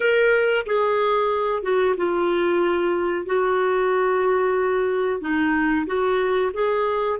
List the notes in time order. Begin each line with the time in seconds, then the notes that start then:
0.00 A#4
0.66 G#4
1.62 F#4
1.96 F4
3.25 F#4
5.21 D#4
5.86 F#4
6.53 G#4